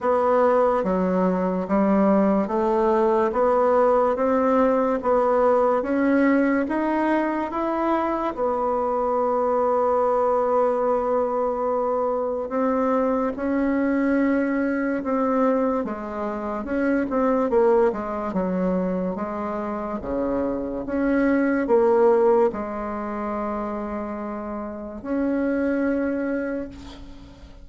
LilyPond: \new Staff \with { instrumentName = "bassoon" } { \time 4/4 \tempo 4 = 72 b4 fis4 g4 a4 | b4 c'4 b4 cis'4 | dis'4 e'4 b2~ | b2. c'4 |
cis'2 c'4 gis4 | cis'8 c'8 ais8 gis8 fis4 gis4 | cis4 cis'4 ais4 gis4~ | gis2 cis'2 | }